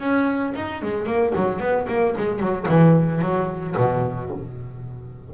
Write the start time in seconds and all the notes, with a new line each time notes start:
0.00 C#4
0.56 D#4
0.83 G#3
1.06 A#3
1.36 F#3
1.60 B3
1.89 A#3
2.17 G#3
2.40 F#3
2.68 E3
3.22 F#3
3.77 B2